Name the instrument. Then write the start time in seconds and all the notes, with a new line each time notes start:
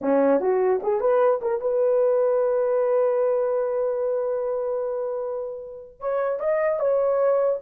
horn
0.01 C#4
0.40 F#4
0.83 G#4
1.00 B4
1.41 A#4
1.60 B4
6.00 C#5
6.39 D#5
6.79 C#5